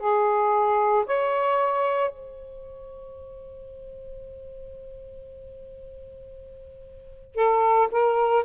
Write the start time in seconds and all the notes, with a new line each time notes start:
0.00 G#4
1.06 C#5
2.11 C5
7.36 A4
7.92 A#4